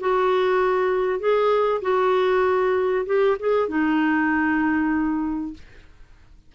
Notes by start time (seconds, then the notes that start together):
0.00 F#4
1.19 G#4
1.82 F#4
3.06 G4
3.40 G#4
3.68 D#4